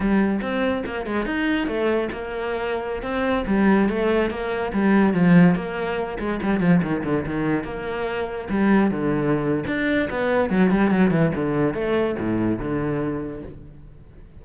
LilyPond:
\new Staff \with { instrumentName = "cello" } { \time 4/4 \tempo 4 = 143 g4 c'4 ais8 gis8 dis'4 | a4 ais2~ ais16 c'8.~ | c'16 g4 a4 ais4 g8.~ | g16 f4 ais4. gis8 g8 f16~ |
f16 dis8 d8 dis4 ais4.~ ais16~ | ais16 g4 d4.~ d16 d'4 | b4 fis8 g8 fis8 e8 d4 | a4 a,4 d2 | }